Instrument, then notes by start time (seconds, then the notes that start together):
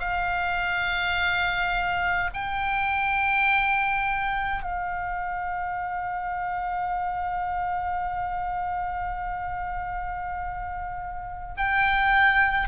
oboe
0.00 F5
2.34 G5
4.63 F5
11.58 G5